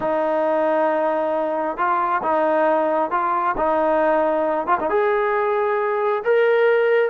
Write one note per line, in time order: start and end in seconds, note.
0.00 1.77 D#4
1.77 2.21 F4
2.22 3.10 D#4
3.10 3.55 F4
3.57 4.67 D#4
4.67 4.78 F4
4.80 4.89 D#4
4.89 6.23 G#4
6.24 7.09 A#4